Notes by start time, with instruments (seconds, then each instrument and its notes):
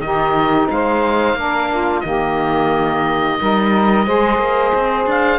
0.00 cello D#3, saxophone D#4 G4, oboe D#5
0.71 cello G#3, saxophone C5, oboe F5
1.34 cello A#3, saxophone D4
1.40 saxophone A#4
1.71 saxophone F4
2.01 cello D#3, saxophone A#3 G4, oboe D#5
3.40 cello G3, saxophone D#4 A#4
4.06 cello G#3, saxophone G#4 C5
4.38 cello A#3
4.75 cello C4
5.06 cello D4, oboe F5